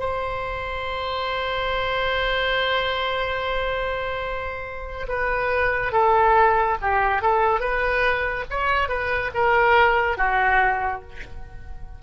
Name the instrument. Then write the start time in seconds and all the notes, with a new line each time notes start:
oboe
0.00 C5
5.09 B4
5.93 A4
6.82 G4
7.22 A4
7.61 B4
8.50 C#5
8.89 B4
9.35 A#4
10.18 F#4